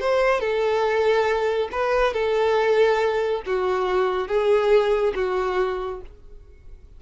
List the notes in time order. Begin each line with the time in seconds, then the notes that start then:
0.00 C5
0.40 A4
1.72 B4
2.13 A4
3.46 F#4
4.28 G#4
5.15 F#4